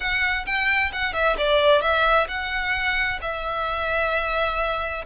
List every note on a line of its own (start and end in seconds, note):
0.00 0.45 F#5
0.46 0.91 G5
0.92 1.13 F#5
1.13 1.36 E5
1.37 1.81 D5
1.81 2.27 E5
2.28 3.19 F#5
3.21 5.05 E5